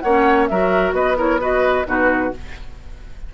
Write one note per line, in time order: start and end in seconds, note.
0.00 0.50 A#3
0.00 0.51 C#4
0.00 0.49 C#5
0.00 0.46 F#5
0.47 0.93 F#3
0.47 1.16 F#4
0.47 0.95 A#4
0.47 0.93 E5
0.93 1.84 B3
0.93 1.17 B4
0.93 1.17 D#5
1.16 1.39 E4
1.16 1.40 A#4
1.16 1.42 C#5
1.40 1.85 F#4
1.40 1.87 B4
1.40 1.88 D#5
1.85 2.32 B2
1.85 2.31 D#4
1.85 2.34 F#4
1.85 2.34 B4